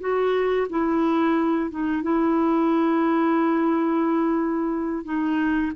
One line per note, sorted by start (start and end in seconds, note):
0.00 0.67 F#4
0.70 1.70 E4
1.70 2.02 D#4
2.02 5.05 E4
5.05 5.72 D#4